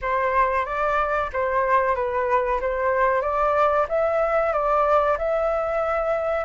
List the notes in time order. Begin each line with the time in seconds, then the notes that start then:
0.01 C5
0.65 D5
1.32 C5
1.95 B4
2.60 C5
3.21 D5
3.88 E5
4.52 D5
5.18 E5